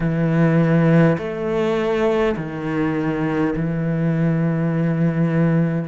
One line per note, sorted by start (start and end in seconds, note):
0.00 1.17 E3
1.18 2.35 A3
2.36 3.54 D#3
3.56 5.88 E3